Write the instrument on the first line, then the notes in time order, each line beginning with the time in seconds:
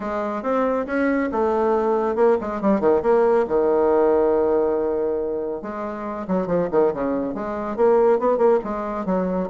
bassoon
0.00 G#3
0.42 C4
0.86 C#4
1.32 A3
2.15 A#3
2.40 G#3
2.61 G3
2.80 D#3
3.02 A#3
3.47 D#3
5.61 G#3
6.27 F#3
6.46 F3
6.71 D#3
6.93 C#3
7.34 G#3
7.76 A#3
8.19 B3
8.37 A#3
8.64 G#3
9.05 F#3